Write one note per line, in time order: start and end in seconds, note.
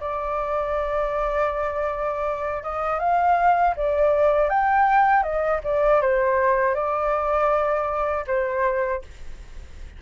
0.00 2.62 D5
2.63 2.99 D#5
2.99 3.74 F5
3.76 4.49 D5
4.49 5.22 G5
5.22 5.60 D#5
5.64 6.01 D5
6.01 6.74 C5
6.74 8.24 D5
8.26 9.01 C5